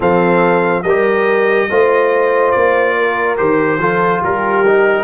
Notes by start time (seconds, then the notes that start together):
0.00 F3 C4 A4 F5
0.82 G3 G4 A#4 D#5
1.70 A3 F4 C5
2.51 A#3 D5
2.97 A#4
3.37 D#3 G4 C5
3.78 F3 F4 A4
4.21 G3 G4 A#4
4.67 D#4